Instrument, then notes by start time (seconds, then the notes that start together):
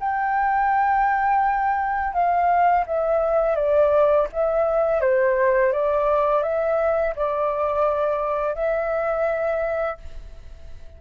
flute
0.00 G5
2.13 F5
2.86 E5
3.56 D5
4.32 E5
5.01 C5
5.72 D5
6.43 E5
7.16 D5
8.55 E5